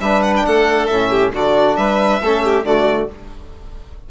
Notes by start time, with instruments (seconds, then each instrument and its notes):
0.00 bassoon G3, trombone D4, violin B4 E5
0.23 violin F#5
0.36 violin G5
0.46 bassoon A3, violin A4 F#5
0.86 bassoon A2, trombone C#4, violin E5
1.10 violin G4
1.33 bassoon D3, trombone D4, violin F#4 D5
1.76 bassoon G3, violin B4 E5
2.21 bassoon A3, trombone C#4, violin A4
2.44 violin G4
2.64 bassoon D3, trombone A3, violin F#4 D5